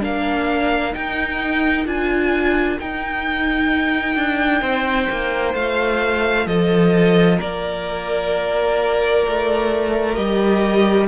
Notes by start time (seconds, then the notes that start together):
0.00 A#3 D4 A#4 F5
0.92 D#4 G5
1.85 D4 F4 G#5
2.79 D#4 G5
4.16 D4
4.61 C4 C5
5.11 A#3
5.54 A3 F4 F5
6.46 F3 A4 D#5
7.37 A#3 A#4 D5
9.27 A3
10.15 G3 G4 D#5